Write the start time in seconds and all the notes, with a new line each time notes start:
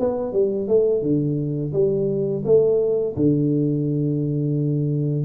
0.00 B3
0.33 G3
0.68 A3
1.03 D3
1.74 G3
2.45 A3
3.17 D3